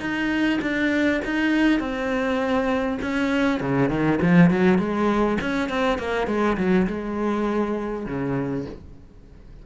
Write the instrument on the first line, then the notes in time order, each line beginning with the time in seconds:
cello
0.00 D#4
0.62 D4
1.25 D#4
1.80 C4
3.02 C#4
3.60 C#3
3.89 D#3
4.22 F3
4.50 F#3
4.78 G#3
5.41 C#4
5.69 C4
5.98 A#3
6.27 G#3
6.57 F#3
6.87 G#3
8.06 C#3